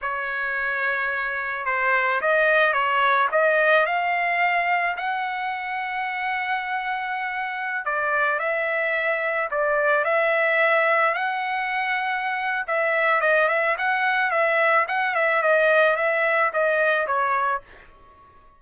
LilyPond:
\new Staff \with { instrumentName = "trumpet" } { \time 4/4 \tempo 4 = 109 cis''2. c''4 | dis''4 cis''4 dis''4 f''4~ | f''4 fis''2.~ | fis''2~ fis''16 d''4 e''8.~ |
e''4~ e''16 d''4 e''4.~ e''16~ | e''16 fis''2~ fis''8. e''4 | dis''8 e''8 fis''4 e''4 fis''8 e''8 | dis''4 e''4 dis''4 cis''4 | }